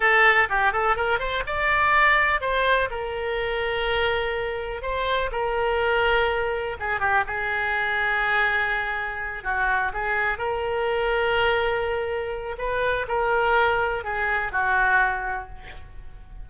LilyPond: \new Staff \with { instrumentName = "oboe" } { \time 4/4 \tempo 4 = 124 a'4 g'8 a'8 ais'8 c''8 d''4~ | d''4 c''4 ais'2~ | ais'2 c''4 ais'4~ | ais'2 gis'8 g'8 gis'4~ |
gis'2.~ gis'8 fis'8~ | fis'8 gis'4 ais'2~ ais'8~ | ais'2 b'4 ais'4~ | ais'4 gis'4 fis'2 | }